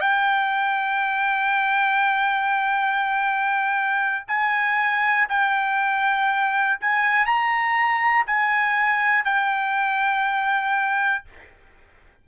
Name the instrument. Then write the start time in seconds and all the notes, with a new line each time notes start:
trumpet
0.00 G5
4.28 G#5
5.29 G5
6.80 G#5
7.25 A#5
8.27 G#5
9.25 G5